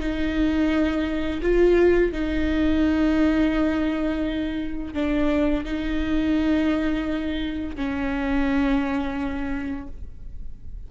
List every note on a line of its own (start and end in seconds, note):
0.00 1.41 D#4
1.42 2.12 F4
2.12 4.94 D#4
4.94 5.65 D4
5.65 7.76 D#4
7.76 9.88 C#4